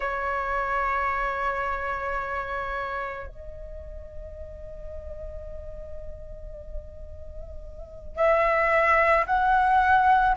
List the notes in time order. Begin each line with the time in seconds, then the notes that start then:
0.00 C#5
3.27 D#5
8.16 E5
9.26 F#5